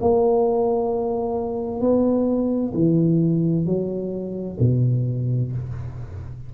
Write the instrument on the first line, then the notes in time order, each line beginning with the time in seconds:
tuba
0.00 A#3
1.80 B3
2.74 E3
3.65 F#3
4.59 B2